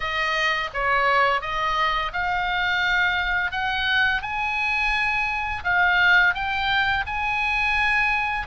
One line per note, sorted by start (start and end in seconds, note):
0.00 0.69 D#5
0.73 1.41 C#5
1.41 2.11 D#5
2.12 3.51 F5
3.51 4.22 F#5
4.22 5.63 G#5
5.64 6.34 F5
6.34 7.04 G5
7.06 8.47 G#5